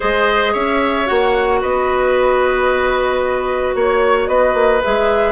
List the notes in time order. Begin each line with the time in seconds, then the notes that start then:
0.00 G#3 G#4 C5 D#5
0.53 C#4 C#5 E5
1.06 A#3 F#4 F#5
1.61 B3 B4 D#5
3.75 A#3 C#5
4.27 B3 B4 D#5
4.54 A#3
4.83 G#3 G#4 E5